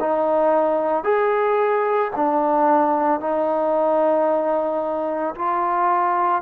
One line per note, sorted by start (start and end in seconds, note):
0.00 1.04 D#4
1.04 2.11 G#4
2.16 3.20 D4
3.20 5.35 D#4
5.35 6.42 F4